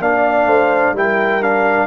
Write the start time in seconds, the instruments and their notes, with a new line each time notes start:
0.00 tuba A#3, trombone D4, horn D5, trumpet F5
0.46 tuba A3, horn C5
0.93 tuba G3, trombone E4, horn A#4, trumpet G5
1.42 trombone D4, trumpet F5